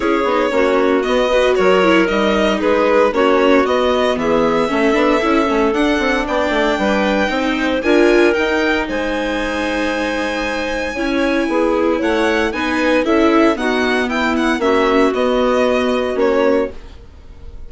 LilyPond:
<<
  \new Staff \with { instrumentName = "violin" } { \time 4/4 \tempo 4 = 115 cis''2 dis''4 cis''4 | dis''4 b'4 cis''4 dis''4 | e''2. fis''4 | g''2. gis''4 |
g''4 gis''2.~ | gis''2. fis''4 | gis''4 e''4 fis''4 g''8 fis''8 | e''4 dis''2 cis''4 | }
  \new Staff \with { instrumentName = "clarinet" } { \time 4/4 gis'4 fis'4. b'8 ais'4~ | ais'4 gis'4 fis'2 | gis'4 a'2. | d''4 b'4 c''4 ais'4~ |
ais'4 c''2.~ | c''4 cis''4 gis'4 cis''4 | b'4 a'4 fis'4 e'4 | fis'1 | }
  \new Staff \with { instrumentName = "viola" } { \time 4/4 e'8 dis'8 cis'4 b8 fis'4 e'8 | dis'2 cis'4 b4~ | b4 cis'8 d'8 e'8 cis'8 d'4~ | d'2 dis'4 f'4 |
dis'1~ | dis'4 e'2. | dis'4 e'4 b2 | cis'4 b2 cis'4 | }
  \new Staff \with { instrumentName = "bassoon" } { \time 4/4 cis'8 b8 ais4 b4 fis4 | g4 gis4 ais4 b4 | e4 a8 b8 cis'8 a8 d'8 c'8 | b8 a8 g4 c'4 d'4 |
dis'4 gis2.~ | gis4 cis'4 b4 a4 | b4 cis'4 dis'4 e'4 | ais4 b2 ais4 | }
>>